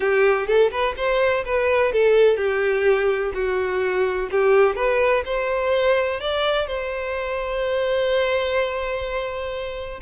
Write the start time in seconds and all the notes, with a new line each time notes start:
0.00 G4
0.46 A4
0.71 B4
0.97 C5
1.45 B4
1.92 A4
2.37 G4
3.33 F#4
4.31 G4
4.75 B4
5.25 C5
6.20 D5
6.67 C5